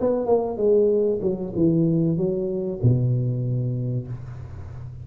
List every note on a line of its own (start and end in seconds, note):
0.00 0.26 B3
0.26 0.57 A#3
0.57 1.19 G#3
1.21 1.52 F#3
1.55 2.17 E3
2.17 2.79 F#3
2.82 4.07 B2